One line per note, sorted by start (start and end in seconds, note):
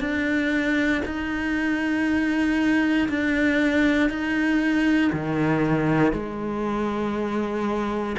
0.00 1.02 D4
1.05 3.09 D#4
3.09 4.10 D4
4.10 5.11 D#4
5.13 6.13 D#3
6.13 8.16 G#3